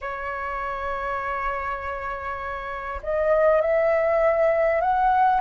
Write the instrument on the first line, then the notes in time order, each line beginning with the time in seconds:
flute
0.01 C#5
3.02 D#5
3.61 E5
4.80 F#5